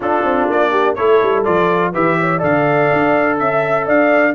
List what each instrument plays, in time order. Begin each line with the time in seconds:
0.00 tuba D4, trombone D4, horn F4, trumpet A4
0.23 tuba C4
0.49 tuba A#3, trumpet D5
0.70 horn G4
0.95 tuba A3, trombone E4, horn A4, trumpet C#5
1.22 tuba G3
1.44 tuba F3, trombone F4, trumpet D5
1.93 tuba E3, trombone G4, horn B4, trumpet E5
2.20 horn C#5
2.38 tuba D3, trombone A4, horn D5, trumpet F5
2.92 tuba D4
3.38 tuba C#4, trumpet E5, horn E5
3.86 tuba D4, horn D5, trumpet F5